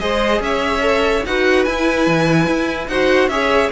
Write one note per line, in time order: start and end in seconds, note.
0.00 0.40 G#3
0.00 0.81 G#4
0.00 0.42 C5
0.00 0.42 D#5
0.40 1.22 C#4
0.40 1.27 C#5
0.40 1.25 E5
0.81 1.22 A4
1.26 1.67 D#4
1.26 1.67 F#4
1.26 2.89 B4
1.26 1.64 F#5
1.64 2.07 E4
1.64 2.90 E4
1.64 2.87 G#5
2.07 2.47 E3
2.47 2.88 E4
2.88 3.28 D#4
2.88 3.31 F#4
2.88 3.30 C5
2.88 3.29 F#5
3.28 3.70 C#4
3.28 3.72 G#4
3.28 3.72 C#5
3.28 3.70 E5